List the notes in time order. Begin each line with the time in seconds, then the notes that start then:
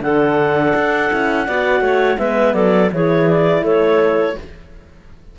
0.00 D3 D4 A4 F#5
0.75 D4
1.11 C#4 E4
1.46 B3 F#4 D5
1.81 A3 C#5
2.18 G#3 B3 B4 E5
2.54 F#3 A4 D5
2.91 E3 E4 G#4 C#5
3.29 D5
3.62 A3 A4 C#5